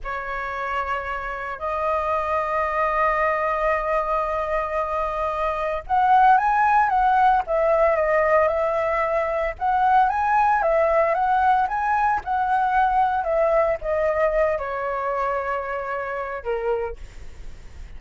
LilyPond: \new Staff \with { instrumentName = "flute" } { \time 4/4 \tempo 4 = 113 cis''2. dis''4~ | dis''1~ | dis''2. fis''4 | gis''4 fis''4 e''4 dis''4 |
e''2 fis''4 gis''4 | e''4 fis''4 gis''4 fis''4~ | fis''4 e''4 dis''4. cis''8~ | cis''2. ais'4 | }